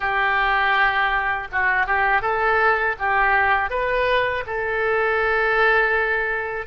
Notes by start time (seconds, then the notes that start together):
0.00 G4
1.52 F#4
1.86 G4
2.21 A4
2.98 G4
3.70 B4
4.46 A4